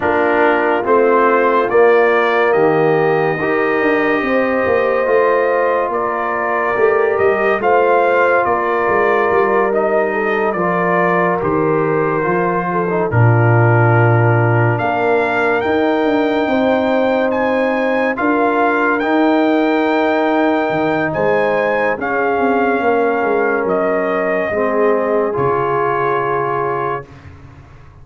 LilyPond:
<<
  \new Staff \with { instrumentName = "trumpet" } { \time 4/4 \tempo 4 = 71 ais'4 c''4 d''4 dis''4~ | dis''2. d''4~ | d''8 dis''8 f''4 d''4. dis''8~ | dis''8 d''4 c''2 ais'8~ |
ais'4. f''4 g''4.~ | g''8 gis''4 f''4 g''4.~ | g''4 gis''4 f''2 | dis''2 cis''2 | }
  \new Staff \with { instrumentName = "horn" } { \time 4/4 f'2. g'4 | ais'4 c''2 ais'4~ | ais'4 c''4 ais'2 | a'8 ais'2~ ais'8 a'8 f'8~ |
f'4. ais'2 c''8~ | c''4. ais'2~ ais'8~ | ais'4 c''4 gis'4 ais'4~ | ais'4 gis'2. | }
  \new Staff \with { instrumentName = "trombone" } { \time 4/4 d'4 c'4 ais2 | g'2 f'2 | g'4 f'2~ f'8 dis'8~ | dis'8 f'4 g'4 f'8. dis'16 d'8~ |
d'2~ d'8 dis'4.~ | dis'4. f'4 dis'4.~ | dis'2 cis'2~ | cis'4 c'4 f'2 | }
  \new Staff \with { instrumentName = "tuba" } { \time 4/4 ais4 a4 ais4 dis4 | dis'8 d'8 c'8 ais8 a4 ais4 | a8 g8 a4 ais8 gis8 g4~ | g8 f4 dis4 f4 ais,8~ |
ais,4. ais4 dis'8 d'8 c'8~ | c'4. d'4 dis'4.~ | dis'8 dis8 gis4 cis'8 c'8 ais8 gis8 | fis4 gis4 cis2 | }
>>